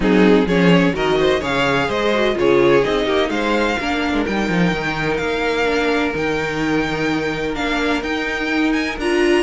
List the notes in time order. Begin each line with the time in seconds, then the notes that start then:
0.00 F#3 C4 D#4 G#4
0.46 F3 C#4 G#4 C#5
0.93 D#3 F#4 A#4 D#5
1.19 C5
1.39 C#3 G#4 C#5 F5
1.88 G#3 C5 D#5
2.14 F#4
2.34 C#3 F4 G#4 C#5
2.82 C4 D#4 D#5
3.05 A#3 G4
3.29 G#3 C5 F5
3.79 A#3 D4 A#4
4.13 G#3
4.26 G3 D#4 G5
4.48 F3
4.71 D#3
5.16 A#3 F5
5.65 D4
6.14 D#3 D#4 G5
7.54 A#3 D4 F5
8.02 D#4 G5
8.72 G#5
8.98 D4 F4 A#5